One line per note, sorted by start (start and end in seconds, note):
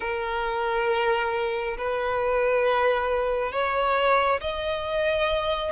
0.00 1.76 A#4
1.77 3.52 B4
3.52 4.40 C#5
4.40 5.72 D#5